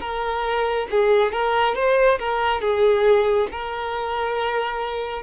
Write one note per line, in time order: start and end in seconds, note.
0.00 0.87 A#4
0.90 1.32 G#4
1.32 1.75 A#4
1.75 2.18 C5
2.19 2.60 A#4
2.60 3.47 G#4
3.51 5.22 A#4